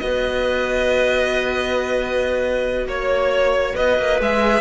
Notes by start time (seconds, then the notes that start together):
0.00 B3 F#4 B4 D#5
2.87 A#3 C#5
3.75 B3 B4 D#5
3.99 A#3
4.20 G#3 G#4 E5